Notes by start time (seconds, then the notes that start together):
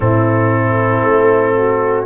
0.00 A2 C4 E4 A4
1.03 A3
1.55 F#4